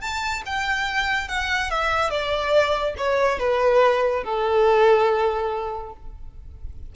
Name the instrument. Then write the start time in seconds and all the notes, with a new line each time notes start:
violin
0.00 A5
0.45 G5
1.28 F#5
1.70 E5
2.10 D5
2.97 C#5
3.39 B4
4.23 A4